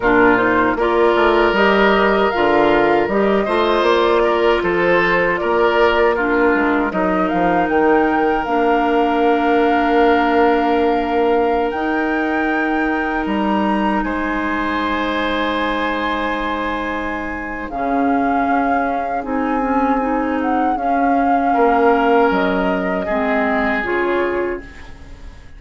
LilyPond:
<<
  \new Staff \with { instrumentName = "flute" } { \time 4/4 \tempo 4 = 78 ais'8 c''8 d''4 dis''4 f''4 | dis''4 d''4 c''4 d''4 | ais'4 dis''8 f''8 g''4 f''4~ | f''2.~ f''16 g''8.~ |
g''4~ g''16 ais''4 gis''4.~ gis''16~ | gis''2. f''4~ | f''4 gis''4. fis''8 f''4~ | f''4 dis''2 cis''4 | }
  \new Staff \with { instrumentName = "oboe" } { \time 4/4 f'4 ais'2.~ | ais'8 c''4 ais'8 a'4 ais'4 | f'4 ais'2.~ | ais'1~ |
ais'2~ ais'16 c''4.~ c''16~ | c''2. gis'4~ | gis'1 | ais'2 gis'2 | }
  \new Staff \with { instrumentName = "clarinet" } { \time 4/4 d'8 dis'8 f'4 g'4 f'4 | g'8 f'2.~ f'8 | d'4 dis'2 d'4~ | d'2.~ d'16 dis'8.~ |
dis'1~ | dis'2. cis'4~ | cis'4 dis'8 cis'8 dis'4 cis'4~ | cis'2 c'4 f'4 | }
  \new Staff \with { instrumentName = "bassoon" } { \time 4/4 ais,4 ais8 a8 g4 d4 | g8 a8 ais4 f4 ais4~ | ais8 gis8 fis8 f8 dis4 ais4~ | ais2.~ ais16 dis'8.~ |
dis'4~ dis'16 g4 gis4.~ gis16~ | gis2. cis4 | cis'4 c'2 cis'4 | ais4 fis4 gis4 cis4 | }
>>